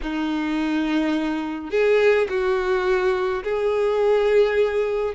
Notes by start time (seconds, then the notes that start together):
0.02 D#4
1.70 G#4
2.29 F#4
3.43 G#4